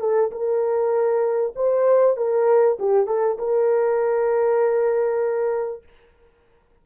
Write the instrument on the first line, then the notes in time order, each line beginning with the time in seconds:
horn
0.00 A4
0.31 A#4
1.56 C5
2.16 A#4
2.79 G4
3.07 A4
3.38 A#4